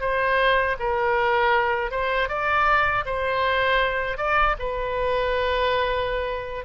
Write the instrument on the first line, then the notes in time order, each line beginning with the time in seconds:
oboe
0.00 C5
0.79 A#4
1.91 C5
2.29 D5
3.06 C5
4.18 D5
4.59 B4